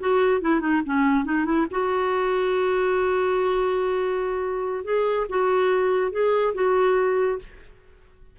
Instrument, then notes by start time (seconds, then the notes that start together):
clarinet
0.00 F#4
0.41 E4
0.60 D#4
0.86 C#4
1.25 D#4
1.45 E4
1.71 F#4
4.84 G#4
5.29 F#4
6.12 G#4
6.54 F#4